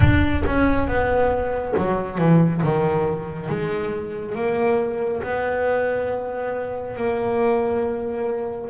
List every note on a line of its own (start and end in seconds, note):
0.00 0.43 D4
0.46 0.87 C#4
0.87 1.74 B3
1.77 2.17 F#3
2.17 2.61 E3
2.62 3.49 D#3
3.49 4.35 G#3
4.35 5.22 A#3
5.22 6.96 B3
6.96 8.70 A#3